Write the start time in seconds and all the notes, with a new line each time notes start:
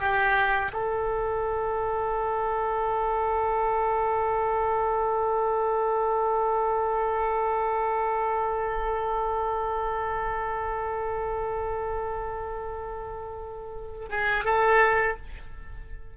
0.00 G4
0.73 A4
14.10 G#4
14.45 A4